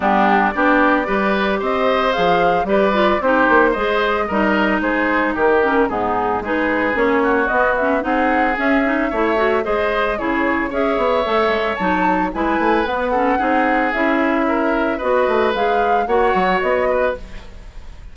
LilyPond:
<<
  \new Staff \with { instrumentName = "flute" } { \time 4/4 \tempo 4 = 112 g'4 d''2 dis''4 | f''4 d''4 c''4 dis''4~ | dis''4 c''4 ais'4 gis'4 | b'4 cis''4 dis''8 e''8 fis''4 |
e''2 dis''4 cis''4 | e''2 a''4 gis''4 | fis''2 e''2 | dis''4 f''4 fis''4 dis''4 | }
  \new Staff \with { instrumentName = "oboe" } { \time 4/4 d'4 g'4 b'4 c''4~ | c''4 b'4 g'4 c''4 | ais'4 gis'4 g'4 dis'4 | gis'4. fis'4. gis'4~ |
gis'4 cis''4 c''4 gis'4 | cis''2. b'4~ | b'8 a'8 gis'2 ais'4 | b'2 cis''4. b'8 | }
  \new Staff \with { instrumentName = "clarinet" } { \time 4/4 b4 d'4 g'2 | gis'4 g'8 f'8 dis'4 gis'4 | dis'2~ dis'8 cis'8 b4 | dis'4 cis'4 b8 cis'8 dis'4 |
cis'8 dis'8 e'8 fis'8 gis'4 e'4 | gis'4 a'4 dis'4 e'4 | b8 cis'8 dis'4 e'2 | fis'4 gis'4 fis'2 | }
  \new Staff \with { instrumentName = "bassoon" } { \time 4/4 g4 b4 g4 c'4 | f4 g4 c'8 ais8 gis4 | g4 gis4 dis4 gis,4 | gis4 ais4 b4 c'4 |
cis'4 a4 gis4 cis4 | cis'8 b8 a8 gis8 fis4 gis8 a8 | b4 c'4 cis'2 | b8 a8 gis4 ais8 fis8 b4 | }
>>